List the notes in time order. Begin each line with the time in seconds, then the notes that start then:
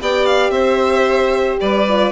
0.00 B3 G4 D5 G5
0.26 F5
0.50 C4 C5 E5
1.60 G3 B4 D5
1.88 F4